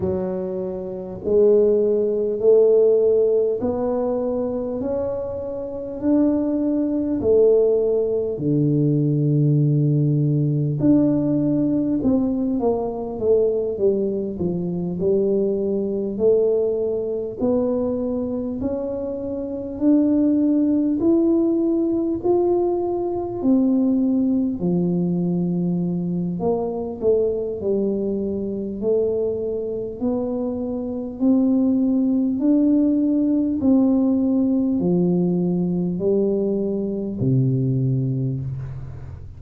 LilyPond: \new Staff \with { instrumentName = "tuba" } { \time 4/4 \tempo 4 = 50 fis4 gis4 a4 b4 | cis'4 d'4 a4 d4~ | d4 d'4 c'8 ais8 a8 g8 | f8 g4 a4 b4 cis'8~ |
cis'8 d'4 e'4 f'4 c'8~ | c'8 f4. ais8 a8 g4 | a4 b4 c'4 d'4 | c'4 f4 g4 c4 | }